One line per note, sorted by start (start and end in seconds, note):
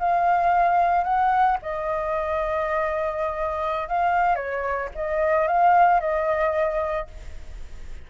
0.00 1.04 F5
1.04 1.58 F#5
1.62 3.89 D#5
3.89 4.36 F5
4.36 4.89 C#5
4.96 5.48 D#5
5.48 6.00 F5
6.00 7.08 D#5